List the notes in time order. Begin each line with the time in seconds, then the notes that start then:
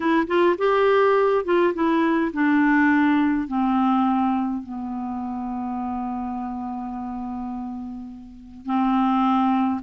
0.00 E4
0.27 F4
0.58 G4
1.44 F4
1.74 E4
2.33 D4
3.47 C4
4.62 B3
8.65 C4